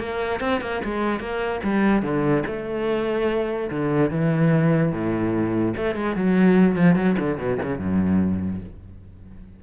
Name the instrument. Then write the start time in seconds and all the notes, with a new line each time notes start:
cello
0.00 A#3
0.41 C4
0.61 A#3
0.85 G#3
1.20 A#3
1.64 G3
2.03 D3
2.47 A3
3.71 D3
4.11 E3
4.93 A2
5.77 A3
5.96 G#3
6.16 F#3
6.77 F3
6.96 F#3
7.20 D3
7.38 B2
7.63 C#3
7.79 F#2